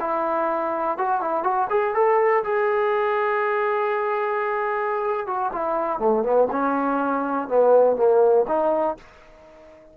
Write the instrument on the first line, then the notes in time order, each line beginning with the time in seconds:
trombone
0.00 E4
0.97 F#4
1.20 E4
1.43 F#4
1.70 G#4
1.94 A4
2.44 G#4
5.26 F#4
5.52 E4
5.99 A3
6.23 B3
6.51 C#4
7.48 B3
7.96 A#3
8.47 D#4